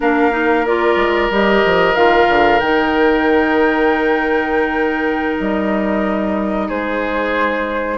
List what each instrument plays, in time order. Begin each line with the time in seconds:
0.00 bassoon A#3, clarinet D4, oboe A#4, flute F5
0.31 clarinet D#4
0.65 clarinet F4, flute D5
0.96 bassoon G#3
1.30 bassoon G3, clarinet G4, flute D#5
1.64 bassoon F3
1.95 bassoon D#3, clarinet F4, flute F5
2.28 bassoon D3
2.59 bassoon D#3, clarinet D#4, flute G5
5.40 bassoon G3, flute D#5
6.67 bassoon G#3, oboe G#4, flute C5